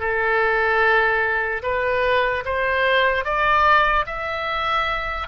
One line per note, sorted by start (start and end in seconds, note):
0.00 1.62 A4
1.63 2.44 B4
2.45 3.25 C5
3.25 4.06 D5
4.07 5.28 E5